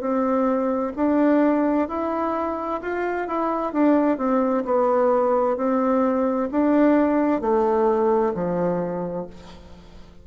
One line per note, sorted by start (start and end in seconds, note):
0.00 0.92 C4
0.96 1.88 D4
1.88 2.81 E4
2.82 3.28 F4
3.28 3.73 E4
3.73 4.17 D4
4.17 4.64 C4
4.64 5.57 B3
5.57 6.49 C4
6.51 7.41 D4
7.41 8.33 A3
8.34 9.26 F3